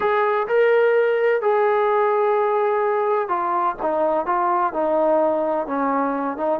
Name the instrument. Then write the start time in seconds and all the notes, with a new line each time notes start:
trombone
0.00 G#4
0.47 A#4
1.41 G#4
3.28 F4
3.82 D#4
4.26 F4
4.73 D#4
5.66 C#4
6.37 D#4